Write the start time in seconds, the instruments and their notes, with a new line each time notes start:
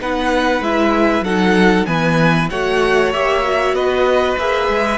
0.00 cello B3, viola D#4, violin B4 F#5
0.60 cello G#3, viola E4, violin E5
1.21 cello F#3, viola D#4, violin A4 F#5
1.86 cello E3, viola B3, violin B4 G#5
2.50 cello A3, viola F#4, violin C#5 F#5
3.13 cello A#3, viola G4, violin E5
3.44 viola F#4
3.73 cello B3, violin B4 D#5
4.38 cello A#3, viola G#4, violin E5
4.68 cello G#3